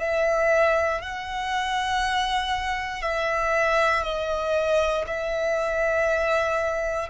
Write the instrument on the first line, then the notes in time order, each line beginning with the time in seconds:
violin
0.00 E5
1.02 F#5
3.02 E5
4.03 D#5
5.07 E5